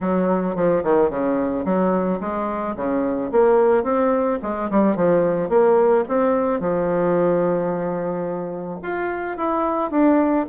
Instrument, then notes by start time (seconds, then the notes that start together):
bassoon
0.01 F#3
0.55 F3
0.83 D#3
1.10 C#3
1.64 F#3
2.20 G#3
2.75 C#3
3.31 A#3
3.83 C4
4.42 G#3
4.70 G3
4.95 F3
5.49 A#3
6.08 C4
6.60 F3
8.82 F4
9.37 E4
9.90 D4